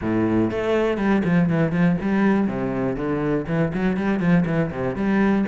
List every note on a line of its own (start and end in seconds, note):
0.01 0.50 A2
0.50 0.97 A3
0.97 1.22 G3
1.24 1.49 F3
1.49 1.72 E3
1.72 1.96 F3
2.01 2.47 G3
2.47 2.95 C3
2.95 3.45 D3
3.47 3.72 E3
3.73 3.96 F#3
3.96 4.19 G3
4.19 4.44 F3
4.45 4.70 E3
4.70 4.95 C3
4.95 5.45 G3